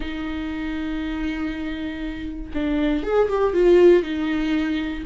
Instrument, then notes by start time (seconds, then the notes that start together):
viola
0.00 D#4
2.53 D4
3.03 G#4
3.28 G4
3.53 F4
4.02 D#4